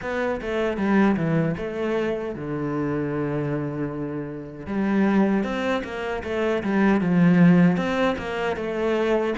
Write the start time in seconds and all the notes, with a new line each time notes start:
0.01 B3
0.41 A3
0.77 G3
1.16 E3
1.57 A3
2.35 D3
4.66 G3
5.43 C4
5.83 A#3
6.23 A3
6.63 G3
7.01 F3
7.76 C4
8.17 A#3
8.56 A3